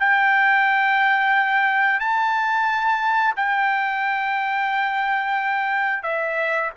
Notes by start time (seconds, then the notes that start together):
0.00 G5
2.00 A5
3.36 G5
6.03 E5